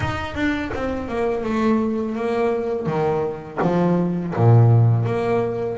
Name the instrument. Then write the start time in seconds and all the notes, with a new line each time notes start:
double bass
0.00 D#4
0.34 D4
0.74 C4
1.08 A#3
1.43 A3
2.15 A#3
2.86 D#3
3.62 F3
4.35 A#2
5.05 A#3